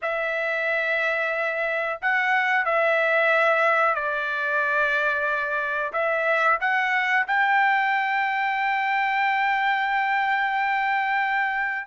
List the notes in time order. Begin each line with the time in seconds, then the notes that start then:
0.01 E5
2.01 F#5
2.65 E5
3.94 D5
5.93 E5
6.60 F#5
7.27 G5